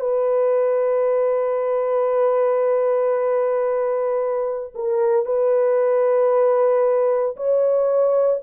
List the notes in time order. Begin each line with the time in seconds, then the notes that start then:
0.00 B4
4.75 A#4
5.26 B4
7.37 C#5